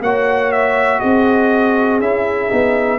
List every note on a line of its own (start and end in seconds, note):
0.00 1.00 A#3
0.00 2.01 F#4
0.00 0.99 C#5
0.00 0.51 F#5
0.51 0.99 E5
0.99 1.99 C4
0.99 2.99 G#4
0.99 1.99 D#5
1.99 2.49 C#4
1.99 2.50 E4
1.99 2.99 E5
2.50 2.99 B3
2.50 2.99 D#4